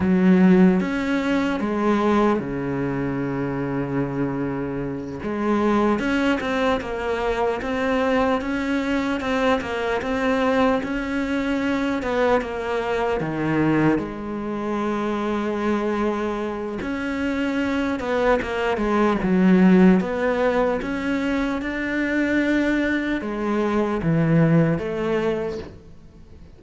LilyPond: \new Staff \with { instrumentName = "cello" } { \time 4/4 \tempo 4 = 75 fis4 cis'4 gis4 cis4~ | cis2~ cis8 gis4 cis'8 | c'8 ais4 c'4 cis'4 c'8 | ais8 c'4 cis'4. b8 ais8~ |
ais8 dis4 gis2~ gis8~ | gis4 cis'4. b8 ais8 gis8 | fis4 b4 cis'4 d'4~ | d'4 gis4 e4 a4 | }